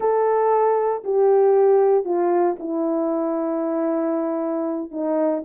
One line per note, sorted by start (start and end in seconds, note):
0.00 1.03 A4
1.03 2.04 G4
2.04 2.56 F4
2.59 4.91 E4
4.91 5.42 D#4